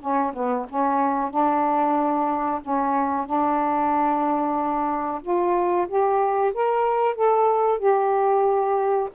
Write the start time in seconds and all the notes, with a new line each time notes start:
0.00 C#4
0.33 B3
0.69 C#4
1.30 D4
2.61 C#4
3.26 D4
5.22 F4
5.88 G4
6.54 A#4
7.15 A4
7.79 G4